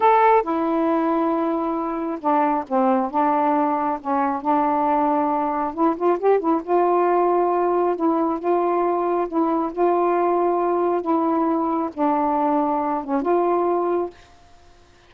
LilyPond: \new Staff \with { instrumentName = "saxophone" } { \time 4/4 \tempo 4 = 136 a'4 e'2.~ | e'4 d'4 c'4 d'4~ | d'4 cis'4 d'2~ | d'4 e'8 f'8 g'8 e'8 f'4~ |
f'2 e'4 f'4~ | f'4 e'4 f'2~ | f'4 e'2 d'4~ | d'4. cis'8 f'2 | }